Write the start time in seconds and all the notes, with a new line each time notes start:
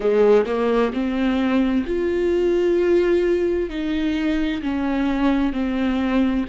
0.00 G#3
0.45 A#3
0.93 C4
1.86 F4
3.69 D#4
4.62 C#4
5.52 C4